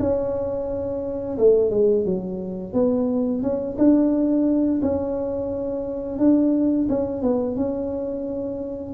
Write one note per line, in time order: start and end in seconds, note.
0.00 1.38 C#4
1.38 1.71 A3
1.71 2.05 G#3
2.05 2.74 F#3
2.74 3.43 B3
3.43 3.77 C#4
3.78 4.82 D4
4.82 6.19 C#4
6.19 6.88 D4
6.89 7.22 C#4
7.22 7.56 B3
7.56 8.94 C#4